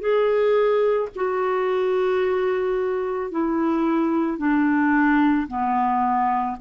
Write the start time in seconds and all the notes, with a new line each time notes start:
0.00 G#4
1.16 F#4
3.32 E4
4.38 D4
5.48 B3